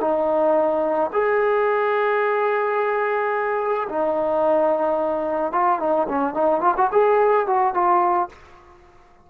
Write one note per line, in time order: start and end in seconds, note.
0.00 1.10 D#4
1.13 3.88 G#4
3.89 5.52 D#4
5.52 5.79 F4
5.79 6.07 D#4
6.08 6.34 C#4
6.34 6.61 D#4
6.61 6.74 F4
6.76 6.90 F#4
6.92 7.47 G#4
7.47 7.74 F#4
7.74 8.29 F4